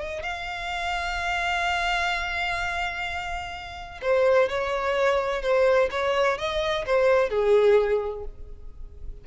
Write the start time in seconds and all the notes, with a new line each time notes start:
0.00 D#5
0.23 F5
4.02 C5
4.49 C#5
5.42 C5
5.91 C#5
6.38 D#5
6.87 C5
7.30 G#4